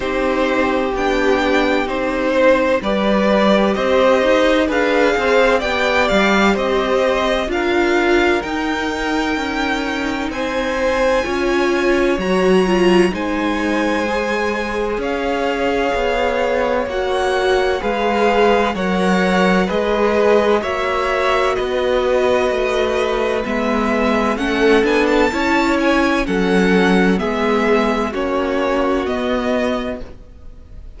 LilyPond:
<<
  \new Staff \with { instrumentName = "violin" } { \time 4/4 \tempo 4 = 64 c''4 g''4 c''4 d''4 | dis''4 f''4 g''8 f''8 dis''4 | f''4 g''2 gis''4~ | gis''4 ais''4 gis''2 |
f''2 fis''4 f''4 | fis''4 dis''4 e''4 dis''4~ | dis''4 e''4 fis''8 gis''16 a''8. gis''8 | fis''4 e''4 cis''4 dis''4 | }
  \new Staff \with { instrumentName = "violin" } { \time 4/4 g'2~ g'8 c''8 b'4 | c''4 b'8 c''8 d''4 c''4 | ais'2. c''4 | cis''2 c''2 |
cis''2. b'4 | cis''4 b'4 cis''4 b'4~ | b'2 a'4 cis''4 | a'4 gis'4 fis'2 | }
  \new Staff \with { instrumentName = "viola" } { \time 4/4 dis'4 d'4 dis'4 g'4~ | g'4 gis'4 g'2 | f'4 dis'2. | f'4 fis'8 f'8 dis'4 gis'4~ |
gis'2 fis'4 gis'4 | ais'4 gis'4 fis'2~ | fis'4 b4 cis'8 d'8 e'4 | cis'4 b4 cis'4 b4 | }
  \new Staff \with { instrumentName = "cello" } { \time 4/4 c'4 b4 c'4 g4 | c'8 dis'8 d'8 c'8 b8 g8 c'4 | d'4 dis'4 cis'4 c'4 | cis'4 fis4 gis2 |
cis'4 b4 ais4 gis4 | fis4 gis4 ais4 b4 | a4 gis4 a8 b8 cis'4 | fis4 gis4 ais4 b4 | }
>>